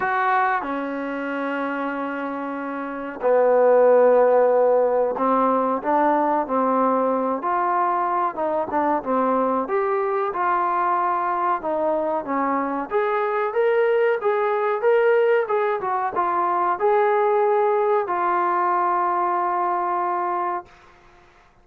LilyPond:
\new Staff \with { instrumentName = "trombone" } { \time 4/4 \tempo 4 = 93 fis'4 cis'2.~ | cis'4 b2. | c'4 d'4 c'4. f'8~ | f'4 dis'8 d'8 c'4 g'4 |
f'2 dis'4 cis'4 | gis'4 ais'4 gis'4 ais'4 | gis'8 fis'8 f'4 gis'2 | f'1 | }